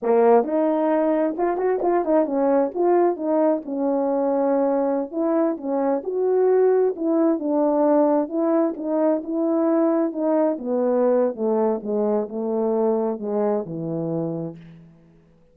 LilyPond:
\new Staff \with { instrumentName = "horn" } { \time 4/4 \tempo 4 = 132 ais4 dis'2 f'8 fis'8 | f'8 dis'8 cis'4 f'4 dis'4 | cis'2.~ cis'16 e'8.~ | e'16 cis'4 fis'2 e'8.~ |
e'16 d'2 e'4 dis'8.~ | dis'16 e'2 dis'4 b8.~ | b4 a4 gis4 a4~ | a4 gis4 e2 | }